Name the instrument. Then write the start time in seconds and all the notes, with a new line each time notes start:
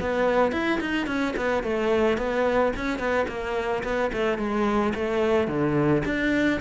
cello
0.00 B3
0.52 E4
0.80 D#4
1.07 C#4
1.36 B3
1.63 A3
2.17 B3
2.76 C#4
2.98 B3
3.28 A#3
3.83 B3
4.13 A3
4.38 G#3
4.94 A3
5.47 D3
6.05 D4